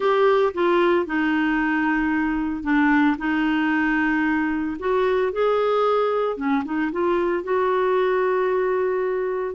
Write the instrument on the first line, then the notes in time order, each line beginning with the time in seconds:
clarinet
0.00 G4
0.53 F4
1.05 D#4
2.63 D4
3.18 D#4
4.79 F#4
5.32 G#4
6.36 C#4
6.64 D#4
6.91 F4
7.43 F#4